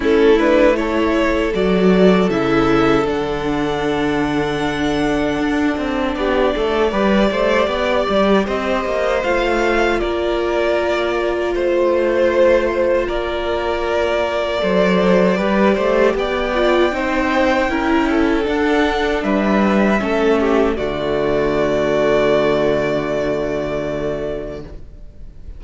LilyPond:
<<
  \new Staff \with { instrumentName = "violin" } { \time 4/4 \tempo 4 = 78 a'8 b'8 cis''4 d''4 e''4 | fis''1 | d''2. dis''4 | f''4 d''2 c''4~ |
c''4 d''2.~ | d''4 g''2. | fis''4 e''2 d''4~ | d''1 | }
  \new Staff \with { instrumentName = "violin" } { \time 4/4 e'4 a'2.~ | a'1 | g'8 a'8 b'8 c''8 d''4 c''4~ | c''4 ais'2 c''4~ |
c''4 ais'2 c''4 | b'8 c''8 d''4 c''4 ais'8 a'8~ | a'4 b'4 a'8 g'8 fis'4~ | fis'1 | }
  \new Staff \with { instrumentName = "viola" } { \time 4/4 cis'8 d'8 e'4 fis'4 e'4 | d'1~ | d'4 g'2. | f'1~ |
f'2. a'4 | g'4. f'8 dis'4 e'4 | d'2 cis'4 a4~ | a1 | }
  \new Staff \with { instrumentName = "cello" } { \time 4/4 a2 fis4 cis4 | d2. d'8 c'8 | b8 a8 g8 a8 b8 g8 c'8 ais8 | a4 ais2 a4~ |
a4 ais2 fis4 | g8 a8 b4 c'4 cis'4 | d'4 g4 a4 d4~ | d1 | }
>>